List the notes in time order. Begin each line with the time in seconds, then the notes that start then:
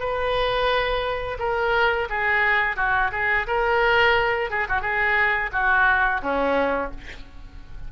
0.00 B4
1.39 A#4
2.09 G#4
2.76 F#4
3.12 G#4
3.47 A#4
4.50 G#4
4.69 F#4
4.81 G#4
5.52 F#4
6.22 C#4